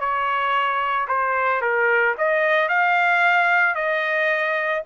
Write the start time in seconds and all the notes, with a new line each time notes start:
0.00 C#5
1.08 C5
1.61 A#4
2.18 D#5
2.69 F5
3.75 D#5